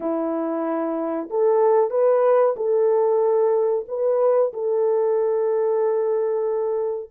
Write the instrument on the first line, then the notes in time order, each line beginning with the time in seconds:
horn
0.00 E4
1.30 A4
1.90 B4
2.56 A4
3.88 B4
4.53 A4